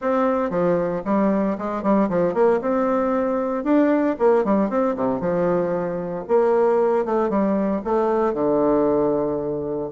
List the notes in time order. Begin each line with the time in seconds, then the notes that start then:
0.01 C4
0.50 F3
1.04 G3
1.58 G#3
1.82 G3
2.09 F3
2.34 A#3
2.61 C4
3.64 D4
4.18 A#3
4.44 G3
4.69 C4
4.96 C3
5.20 F3
6.28 A#3
7.05 A3
7.29 G3
7.84 A3
8.33 D3